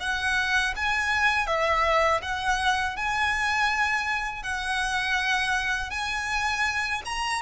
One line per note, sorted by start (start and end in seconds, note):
0.00 0.74 F#5
0.76 1.47 G#5
1.47 2.21 E5
2.22 2.96 F#5
2.96 4.43 G#5
4.43 5.91 F#5
5.91 7.02 G#5
7.05 7.42 A#5